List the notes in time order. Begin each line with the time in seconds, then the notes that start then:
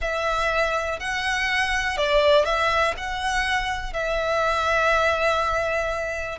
0.01 E5
0.99 F#5
1.97 D5
2.45 E5
2.97 F#5
3.93 E5